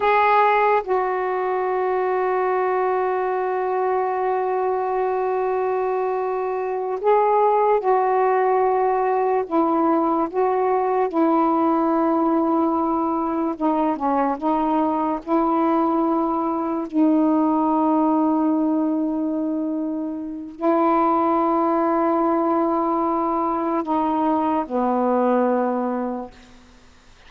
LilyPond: \new Staff \with { instrumentName = "saxophone" } { \time 4/4 \tempo 4 = 73 gis'4 fis'2.~ | fis'1~ | fis'8 gis'4 fis'2 e'8~ | e'8 fis'4 e'2~ e'8~ |
e'8 dis'8 cis'8 dis'4 e'4.~ | e'8 dis'2.~ dis'8~ | dis'4 e'2.~ | e'4 dis'4 b2 | }